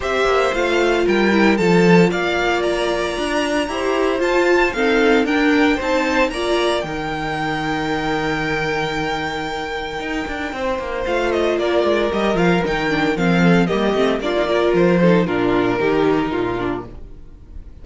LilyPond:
<<
  \new Staff \with { instrumentName = "violin" } { \time 4/4 \tempo 4 = 114 e''4 f''4 g''4 a''4 | f''4 ais''2. | a''4 f''4 g''4 a''4 | ais''4 g''2.~ |
g''1~ | g''4 f''8 dis''8 d''4 dis''8 f''8 | g''4 f''4 dis''4 d''4 | c''4 ais'2. | }
  \new Staff \with { instrumentName = "violin" } { \time 4/4 c''2 ais'4 a'4 | d''2. c''4~ | c''4 a'4 ais'4 c''4 | d''4 ais'2.~ |
ais'1 | c''2 ais'2~ | ais'4. a'8 g'4 f'8 ais'8~ | ais'8 a'8 f'4 g'4 f'4 | }
  \new Staff \with { instrumentName = "viola" } { \time 4/4 g'4 f'4. e'8 f'4~ | f'2. g'4 | f'4 c'4 d'4 dis'4 | f'4 dis'2.~ |
dis'1~ | dis'4 f'2 g'8 f'8 | dis'8 d'8 c'4 ais8 c'8 d'16 dis'16 f'8~ | f'8 dis'8 d'4 dis'4. d'8 | }
  \new Staff \with { instrumentName = "cello" } { \time 4/4 c'8 ais8 a4 g4 f4 | ais2 d'4 e'4 | f'4 dis'4 d'4 c'4 | ais4 dis2.~ |
dis2. dis'8 d'8 | c'8 ais8 a4 ais8 gis8 g8 f8 | dis4 f4 g8 a8 ais4 | f4 ais,4 dis4 ais,4 | }
>>